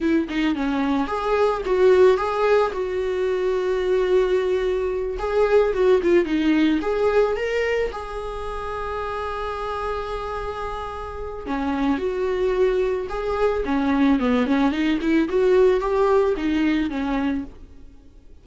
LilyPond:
\new Staff \with { instrumentName = "viola" } { \time 4/4 \tempo 4 = 110 e'8 dis'8 cis'4 gis'4 fis'4 | gis'4 fis'2.~ | fis'4. gis'4 fis'8 f'8 dis'8~ | dis'8 gis'4 ais'4 gis'4.~ |
gis'1~ | gis'4 cis'4 fis'2 | gis'4 cis'4 b8 cis'8 dis'8 e'8 | fis'4 g'4 dis'4 cis'4 | }